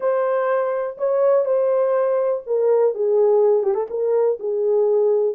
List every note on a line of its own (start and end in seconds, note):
0.00 0.97 C5
0.97 1.45 C#5
1.45 2.42 C5
2.46 2.94 A#4
2.94 3.63 G#4
3.63 3.74 G4
3.74 3.86 A4
3.90 4.39 A#4
4.39 5.35 G#4